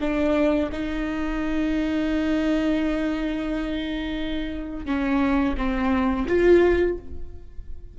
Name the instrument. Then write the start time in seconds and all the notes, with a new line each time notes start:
viola
0.00 D4
0.72 D#4
4.85 C#4
5.57 C4
6.28 F4